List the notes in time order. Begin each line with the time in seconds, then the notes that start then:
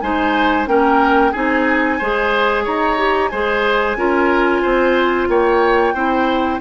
0.00 G#3 D#4 C5 G#5
0.66 A#3 C#4 A#4 G5
1.31 C4 D#4 G#4 G#5
1.98 G#3 G#4 C5
2.64 D#4 C#5 A#5
2.97 G4
3.28 G#3 G#4 C5 G#5
3.96 C#4 F4 A#4
4.62 C4 C5
5.28 A#3 C#5 G5
5.94 C4 E4 C5